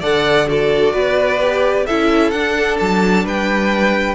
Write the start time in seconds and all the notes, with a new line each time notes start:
0.00 D3 A4 D5 F#5
0.46 F#4 A4 D5
0.93 B3 B4
1.40 G4
1.86 C#4 E4 A4 E5
2.30 D4 F#5
2.79 F#3 A5
3.24 G3 B4 G5